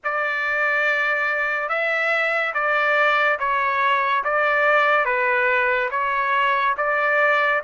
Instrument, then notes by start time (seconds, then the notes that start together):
trumpet
0.04 D5
1.69 E5
2.54 D5
3.39 C#5
4.24 D5
5.05 B4
5.90 C#5
6.77 D5